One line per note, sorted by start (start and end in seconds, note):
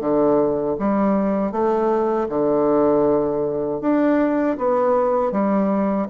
0.00 0.76 D3
0.79 1.52 G3
1.52 2.28 A3
2.29 3.81 D3
3.81 4.57 D4
4.58 5.32 B3
5.32 6.08 G3